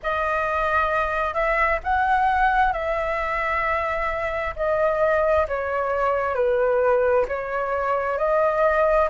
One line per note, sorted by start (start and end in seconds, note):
0.02 1.33 D#5
1.33 1.79 E5
1.83 2.72 F#5
2.72 4.54 E5
4.55 5.46 D#5
5.48 6.34 C#5
6.34 7.25 B4
7.27 8.18 C#5
8.18 9.09 D#5